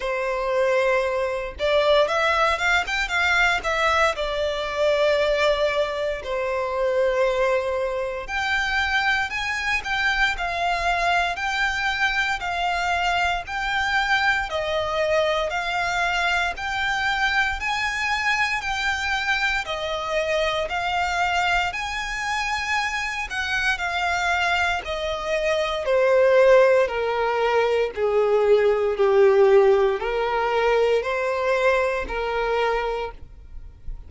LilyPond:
\new Staff \with { instrumentName = "violin" } { \time 4/4 \tempo 4 = 58 c''4. d''8 e''8 f''16 g''16 f''8 e''8 | d''2 c''2 | g''4 gis''8 g''8 f''4 g''4 | f''4 g''4 dis''4 f''4 |
g''4 gis''4 g''4 dis''4 | f''4 gis''4. fis''8 f''4 | dis''4 c''4 ais'4 gis'4 | g'4 ais'4 c''4 ais'4 | }